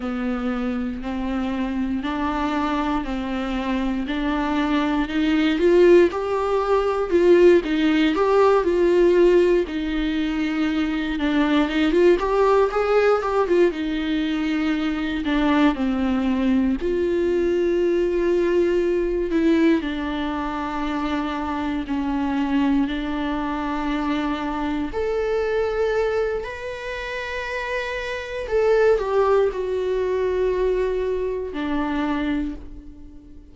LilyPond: \new Staff \with { instrumentName = "viola" } { \time 4/4 \tempo 4 = 59 b4 c'4 d'4 c'4 | d'4 dis'8 f'8 g'4 f'8 dis'8 | g'8 f'4 dis'4. d'8 dis'16 f'16 | g'8 gis'8 g'16 f'16 dis'4. d'8 c'8~ |
c'8 f'2~ f'8 e'8 d'8~ | d'4. cis'4 d'4.~ | d'8 a'4. b'2 | a'8 g'8 fis'2 d'4 | }